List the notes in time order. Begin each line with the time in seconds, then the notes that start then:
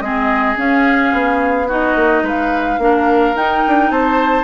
0.00 G#3 C4 G#4 D#5
0.56 C#4 F5
1.12 B3
1.67 D#4 F#4 D#5
1.95 A#3
2.22 G#3 B4 F5
2.78 A#3 D4 A#4
3.35 D#4 G5
3.67 D4
3.90 C4 C5 A5